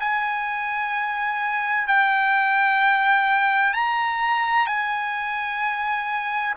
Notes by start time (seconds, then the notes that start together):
0.00 G#5
1.88 G5
3.74 A#5
4.67 G#5